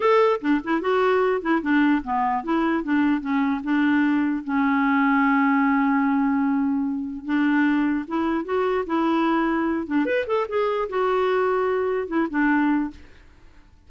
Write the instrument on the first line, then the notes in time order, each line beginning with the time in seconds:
clarinet
0.00 A4
0.41 D4
0.64 E4
0.81 F#4
1.41 E4
1.61 D4
2.03 B3
2.43 E4
2.83 D4
3.20 C#4
3.63 D4
4.43 C#4
7.25 D4
8.07 E4
8.44 F#4
8.86 E4
9.87 D4
10.05 B4
10.26 A4
10.48 G#4
10.89 F#4
12.07 E4
12.30 D4